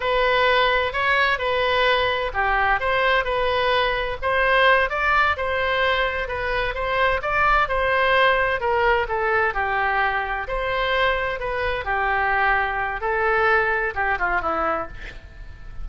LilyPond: \new Staff \with { instrumentName = "oboe" } { \time 4/4 \tempo 4 = 129 b'2 cis''4 b'4~ | b'4 g'4 c''4 b'4~ | b'4 c''4. d''4 c''8~ | c''4. b'4 c''4 d''8~ |
d''8 c''2 ais'4 a'8~ | a'8 g'2 c''4.~ | c''8 b'4 g'2~ g'8 | a'2 g'8 f'8 e'4 | }